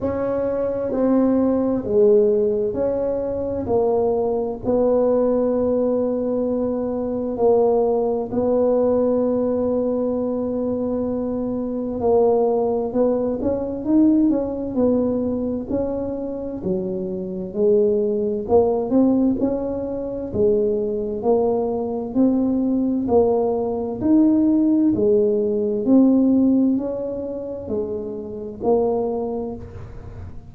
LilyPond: \new Staff \with { instrumentName = "tuba" } { \time 4/4 \tempo 4 = 65 cis'4 c'4 gis4 cis'4 | ais4 b2. | ais4 b2.~ | b4 ais4 b8 cis'8 dis'8 cis'8 |
b4 cis'4 fis4 gis4 | ais8 c'8 cis'4 gis4 ais4 | c'4 ais4 dis'4 gis4 | c'4 cis'4 gis4 ais4 | }